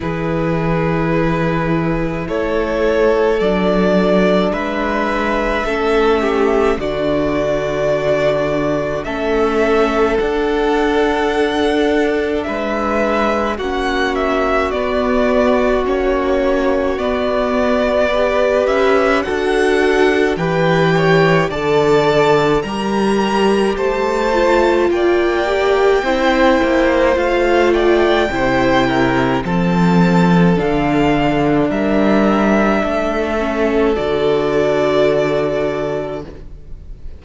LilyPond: <<
  \new Staff \with { instrumentName = "violin" } { \time 4/4 \tempo 4 = 53 b'2 cis''4 d''4 | e''2 d''2 | e''4 fis''2 e''4 | fis''8 e''8 d''4 cis''4 d''4~ |
d''8 e''8 fis''4 g''4 a''4 | ais''4 a''4 g''2 | f''8 g''4. a''4 f''4 | e''2 d''2 | }
  \new Staff \with { instrumentName = "violin" } { \time 4/4 gis'2 a'2 | b'4 a'8 g'8 fis'2 | a'2. b'4 | fis'1 |
b'4 a'4 b'8 cis''8 d''4 | ais'4 c''4 d''4 c''4~ | c''8 d''8 c''8 ais'8 a'2 | ais'4 a'2. | }
  \new Staff \with { instrumentName = "viola" } { \time 4/4 e'2. d'4~ | d'4 cis'4 d'2 | cis'4 d'2. | cis'4 b4 cis'4 b4 |
g'4 fis'4 g'4 a'4 | g'4. f'4 g'8 e'4 | f'4 e'4 c'4 d'4~ | d'4. cis'8 fis'2 | }
  \new Staff \with { instrumentName = "cello" } { \time 4/4 e2 a4 fis4 | gis4 a4 d2 | a4 d'2 gis4 | ais4 b4 ais4 b4~ |
b8 cis'8 d'4 e4 d4 | g4 a4 ais4 c'8 ais8 | a4 c4 f4 d4 | g4 a4 d2 | }
>>